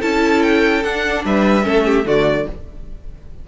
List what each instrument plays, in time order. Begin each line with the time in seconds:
0.00 cello C#4, viola E4, violin A4 A5
0.42 violin G5
0.83 cello D4, viola D4, violin F#5
1.24 cello G3, violin B4 E5
1.62 cello A3, viola C#4, violin A4
1.85 violin G4
2.04 cello D3, viola A3, violin F#4 D5